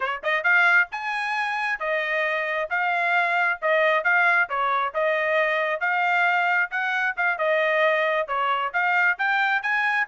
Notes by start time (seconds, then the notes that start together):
0.00 C#5
0.23 D#5
0.43 F5
0.91 G#5
1.79 D#5
2.69 F5
3.61 D#5
4.03 F5
4.49 C#5
4.94 D#5
5.80 F5
6.70 F#5
7.16 F5
7.38 D#5
8.27 C#5
8.73 F5
9.18 G5
9.62 G#5